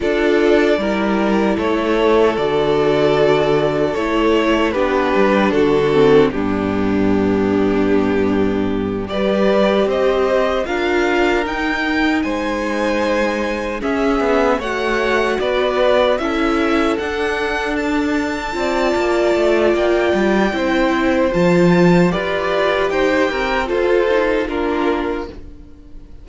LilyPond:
<<
  \new Staff \with { instrumentName = "violin" } { \time 4/4 \tempo 4 = 76 d''2 cis''4 d''4~ | d''4 cis''4 b'4 a'4 | g'2.~ g'8 d''8~ | d''8 dis''4 f''4 g''4 gis''8~ |
gis''4. e''4 fis''4 d''8~ | d''8 e''4 fis''4 a''4.~ | a''4 g''2 a''4 | d''4 g''4 c''4 ais'4 | }
  \new Staff \with { instrumentName = "violin" } { \time 4/4 a'4 ais'4 a'2~ | a'2 g'4 fis'4 | d'2.~ d'8 b'8~ | b'8 c''4 ais'2 c''8~ |
c''4. gis'4 cis''4 b'8~ | b'8 a'2. d''8~ | d''2 c''2 | b'4 c''8 ais'8 a'4 f'4 | }
  \new Staff \with { instrumentName = "viola" } { \time 4/4 f'4 e'2 fis'4~ | fis'4 e'4 d'4. c'8 | b2.~ b8 g'8~ | g'4. f'4 dis'4.~ |
dis'4. cis'4 fis'4.~ | fis'8 e'4 d'2 f'8~ | f'2 e'4 f'4 | g'2 f'8 dis'8 d'4 | }
  \new Staff \with { instrumentName = "cello" } { \time 4/4 d'4 g4 a4 d4~ | d4 a4 b8 g8 d4 | g,2.~ g,8 g8~ | g8 c'4 d'4 dis'4 gis8~ |
gis4. cis'8 b8 a4 b8~ | b8 cis'4 d'2 c'8 | ais8 a8 ais8 g8 c'4 f4 | f'4 dis'8 c'8 f'4 ais4 | }
>>